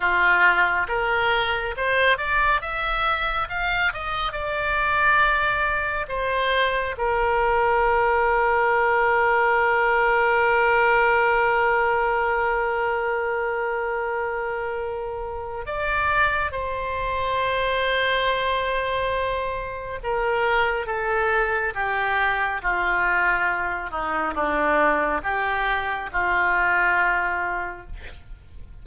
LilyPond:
\new Staff \with { instrumentName = "oboe" } { \time 4/4 \tempo 4 = 69 f'4 ais'4 c''8 d''8 e''4 | f''8 dis''8 d''2 c''4 | ais'1~ | ais'1~ |
ais'2 d''4 c''4~ | c''2. ais'4 | a'4 g'4 f'4. dis'8 | d'4 g'4 f'2 | }